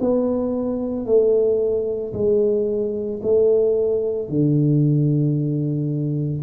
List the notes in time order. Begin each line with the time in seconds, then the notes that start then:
0.00 B3
1.06 A3
2.13 G#3
3.22 A3
4.29 D3